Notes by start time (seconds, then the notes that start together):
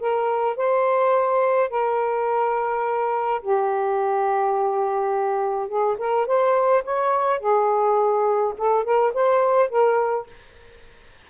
0.00 A#4
0.57 C5
1.70 A#4
3.42 G4
5.69 G#4
5.98 A#4
6.27 C5
6.85 C#5
7.40 G#4
8.58 A4
8.85 A#4
9.14 C5
9.70 A#4